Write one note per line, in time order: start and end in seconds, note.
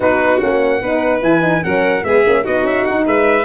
0.00 0.41 B3
0.00 0.40 D#4
0.00 0.82 F#4
0.00 0.38 B4
0.38 0.81 A#3
0.38 0.80 C#4
0.38 1.20 F#5
0.81 1.22 B3
0.81 1.22 D#4
0.81 1.63 B4
1.22 1.62 E3
1.22 1.40 E4
1.22 1.63 G#5
1.40 1.61 D#4
1.62 2.03 F#3
1.62 2.03 C#4
1.62 2.04 A#4
1.62 2.04 F#5
2.03 2.24 G#3
2.03 2.25 B3
2.03 2.43 G#4
2.03 2.44 E5
2.26 2.46 A#3
2.26 2.42 C#4
2.42 2.63 B3
2.42 3.44 D#4
2.42 3.05 F#4
2.42 2.66 D#5
2.63 2.83 C#4
2.63 2.84 E5
2.84 3.06 D#4
2.84 3.05 F#5
3.06 3.45 G#3
3.06 3.45 B4
3.06 3.45 E5